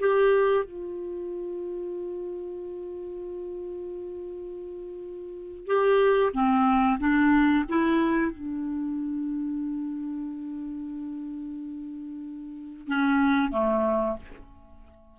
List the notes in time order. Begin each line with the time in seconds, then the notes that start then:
0.00 G4
0.65 F4
5.67 G4
6.34 C4
7.00 D4
7.70 E4
8.32 D4
12.88 C#4
13.51 A3